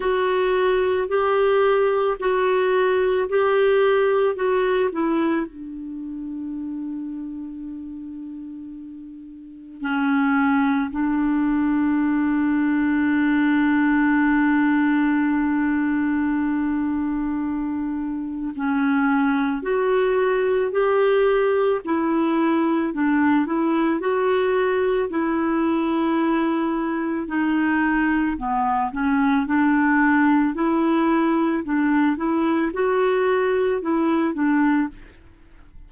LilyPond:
\new Staff \with { instrumentName = "clarinet" } { \time 4/4 \tempo 4 = 55 fis'4 g'4 fis'4 g'4 | fis'8 e'8 d'2.~ | d'4 cis'4 d'2~ | d'1~ |
d'4 cis'4 fis'4 g'4 | e'4 d'8 e'8 fis'4 e'4~ | e'4 dis'4 b8 cis'8 d'4 | e'4 d'8 e'8 fis'4 e'8 d'8 | }